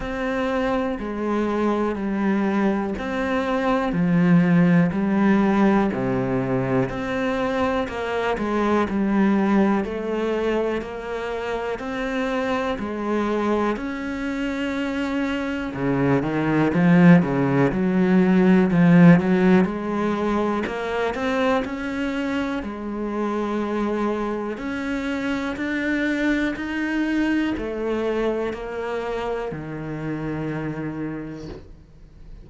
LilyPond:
\new Staff \with { instrumentName = "cello" } { \time 4/4 \tempo 4 = 61 c'4 gis4 g4 c'4 | f4 g4 c4 c'4 | ais8 gis8 g4 a4 ais4 | c'4 gis4 cis'2 |
cis8 dis8 f8 cis8 fis4 f8 fis8 | gis4 ais8 c'8 cis'4 gis4~ | gis4 cis'4 d'4 dis'4 | a4 ais4 dis2 | }